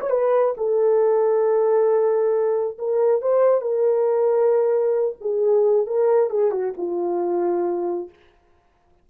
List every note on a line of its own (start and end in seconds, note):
0.00 0.10 C#5
0.10 0.54 B4
0.57 2.78 A4
2.78 3.21 A#4
3.21 3.61 C5
3.61 5.16 A#4
5.20 5.86 G#4
5.86 6.30 A#4
6.30 6.51 G#4
6.51 6.73 F#4
6.77 8.09 F4